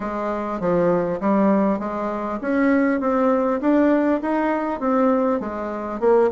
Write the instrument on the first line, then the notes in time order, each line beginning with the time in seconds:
bassoon
0.00 G#3
0.60 F3
1.20 G3
1.79 G#3
2.41 C#4
3.00 C4
3.61 D4
4.21 D#4
4.79 C4
5.40 G#3
5.99 A#3